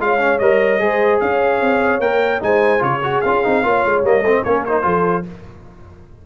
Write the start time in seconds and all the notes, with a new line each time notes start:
0.00 G#3 F4 C#5 F5
0.19 C#4
0.39 G3 A#4 D#5
0.80 G#3 G#4 C5
1.21 C#4 C#5 F5
1.61 C4
2.00 A#3 A#4 G5
2.40 G#3 D#4 C5 G#5
2.79 C#3 F4 C#5
2.86 G#4
3.04 F#4
3.21 C#4 F4 F5
3.44 C4 D#4
3.64 A#3 F4 C#5
3.85 G#3
4.04 G3 A#3 D#5
4.22 A3 C4 C5
4.44 A#3 C#4 A#4 C#5
4.65 D#4 C5
4.83 F3 F4 A4